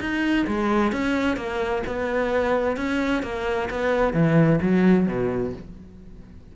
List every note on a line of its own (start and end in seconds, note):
0.00 0.46 D#4
0.47 0.92 G#3
0.92 1.36 C#4
1.36 1.83 A#3
1.86 2.77 B3
2.77 3.22 C#4
3.22 3.69 A#3
3.70 4.13 B3
4.13 4.59 E3
4.62 5.07 F#3
5.07 5.53 B2